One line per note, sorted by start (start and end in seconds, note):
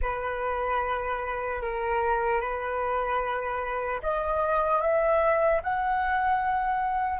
0.01 1.61 B4
1.61 2.40 A#4
2.40 4.00 B4
4.02 4.81 D#5
4.81 5.61 E5
5.63 7.19 F#5